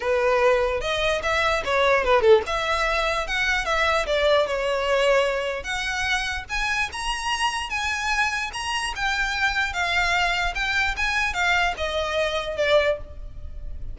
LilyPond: \new Staff \with { instrumentName = "violin" } { \time 4/4 \tempo 4 = 148 b'2 dis''4 e''4 | cis''4 b'8 a'8 e''2 | fis''4 e''4 d''4 cis''4~ | cis''2 fis''2 |
gis''4 ais''2 gis''4~ | gis''4 ais''4 g''2 | f''2 g''4 gis''4 | f''4 dis''2 d''4 | }